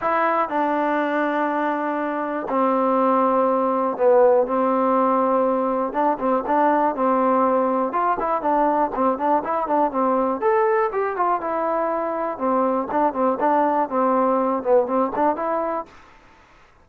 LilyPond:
\new Staff \with { instrumentName = "trombone" } { \time 4/4 \tempo 4 = 121 e'4 d'2.~ | d'4 c'2. | b4 c'2. | d'8 c'8 d'4 c'2 |
f'8 e'8 d'4 c'8 d'8 e'8 d'8 | c'4 a'4 g'8 f'8 e'4~ | e'4 c'4 d'8 c'8 d'4 | c'4. b8 c'8 d'8 e'4 | }